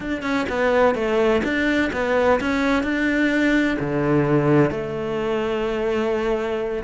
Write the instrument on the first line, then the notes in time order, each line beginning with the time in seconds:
cello
0.00 D4
0.22 C#4
0.49 B3
0.94 A3
1.43 D4
1.92 B3
2.40 C#4
2.83 D4
3.79 D3
4.71 A3